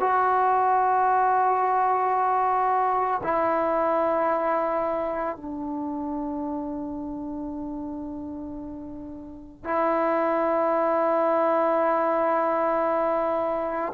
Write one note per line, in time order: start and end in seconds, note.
0.00 3.21 F#4
3.23 5.36 E4
5.36 9.64 D4
9.64 13.93 E4